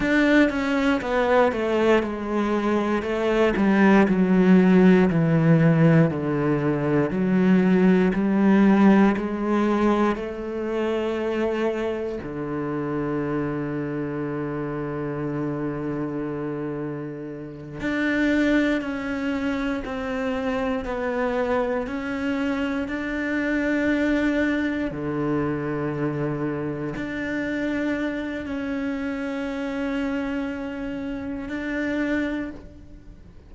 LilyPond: \new Staff \with { instrumentName = "cello" } { \time 4/4 \tempo 4 = 59 d'8 cis'8 b8 a8 gis4 a8 g8 | fis4 e4 d4 fis4 | g4 gis4 a2 | d1~ |
d4. d'4 cis'4 c'8~ | c'8 b4 cis'4 d'4.~ | d'8 d2 d'4. | cis'2. d'4 | }